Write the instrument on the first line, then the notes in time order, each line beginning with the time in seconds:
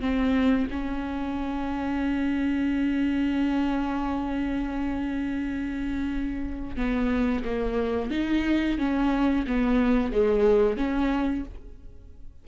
viola
0.00 C4
0.70 C#4
6.76 B3
7.44 A#3
8.11 D#4
8.78 C#4
9.47 B3
10.12 G#3
10.77 C#4